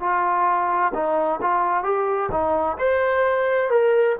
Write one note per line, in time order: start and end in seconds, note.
0.00 0.92 F4
0.94 1.40 D#4
1.41 1.84 F4
1.84 2.30 G4
2.32 2.78 D#4
2.78 3.70 C5
3.70 4.16 A#4